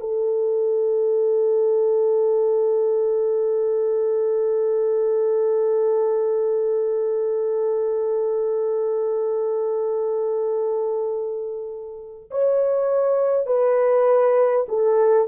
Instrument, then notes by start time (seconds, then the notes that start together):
horn
0.00 A4
12.31 C#5
13.46 B4
14.68 A4